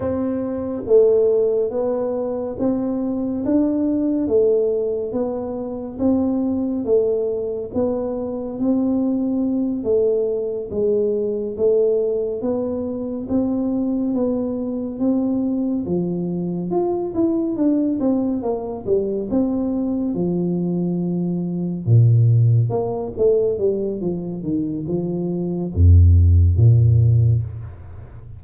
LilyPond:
\new Staff \with { instrumentName = "tuba" } { \time 4/4 \tempo 4 = 70 c'4 a4 b4 c'4 | d'4 a4 b4 c'4 | a4 b4 c'4. a8~ | a8 gis4 a4 b4 c'8~ |
c'8 b4 c'4 f4 f'8 | e'8 d'8 c'8 ais8 g8 c'4 f8~ | f4. ais,4 ais8 a8 g8 | f8 dis8 f4 f,4 ais,4 | }